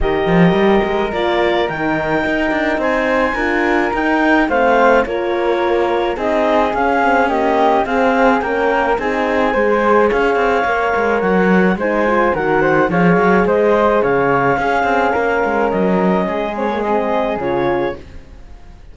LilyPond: <<
  \new Staff \with { instrumentName = "clarinet" } { \time 4/4 \tempo 4 = 107 dis''2 d''4 g''4~ | g''4 gis''2 g''4 | f''4 cis''2 dis''4 | f''4 dis''4 f''4 g''4 |
gis''2 f''2 | fis''4 gis''4 fis''4 f''4 | dis''4 f''2. | dis''4. cis''8 dis''4 cis''4 | }
  \new Staff \with { instrumentName = "flute" } { \time 4/4 ais'1~ | ais'4 c''4 ais'2 | c''4 ais'2 gis'4~ | gis'4 g'4 gis'4 ais'4 |
gis'4 c''4 cis''2~ | cis''4 c''4 ais'8 c''8 cis''4 | c''4 cis''4 gis'4 ais'4~ | ais'4 gis'2. | }
  \new Staff \with { instrumentName = "horn" } { \time 4/4 g'2 f'4 dis'4~ | dis'2 f'4 dis'4 | c'4 f'2 dis'4 | cis'8 c'8 ais4 c'4 cis'4 |
dis'4 gis'2 ais'4~ | ais'4 dis'8 f'8 fis'4 gis'4~ | gis'2 cis'2~ | cis'4. c'16 ais16 c'4 f'4 | }
  \new Staff \with { instrumentName = "cello" } { \time 4/4 dis8 f8 g8 gis8 ais4 dis4 | dis'8 d'8 c'4 d'4 dis'4 | a4 ais2 c'4 | cis'2 c'4 ais4 |
c'4 gis4 cis'8 c'8 ais8 gis8 | fis4 gis4 dis4 f8 fis8 | gis4 cis4 cis'8 c'8 ais8 gis8 | fis4 gis2 cis4 | }
>>